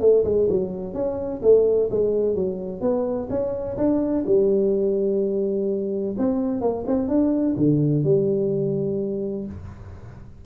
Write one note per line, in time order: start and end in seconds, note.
0.00 0.24 A3
0.24 0.47 G#3
0.49 0.93 F#3
0.93 1.41 C#4
1.42 1.89 A3
1.90 2.35 G#3
2.35 2.80 F#3
2.80 3.28 B3
3.30 3.77 C#4
3.77 4.24 D4
4.26 6.15 G3
6.18 6.61 C4
6.61 6.84 A#3
6.87 7.08 C4
7.08 7.55 D4
7.56 8.03 D3
8.03 9.45 G3